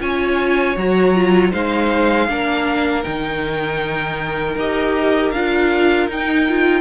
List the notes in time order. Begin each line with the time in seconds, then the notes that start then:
0.00 C#4 F4 C#5 G#5
0.77 F#3 F#4 A#5
1.15 F4
1.52 G#3 D#4 C5 F5
2.29 A#3 D4 A#4
3.04 D#3 D#4 G5
4.56 D#4 G4 D#5
5.31 D4 F4 F5
6.08 D#4 G5
6.48 F4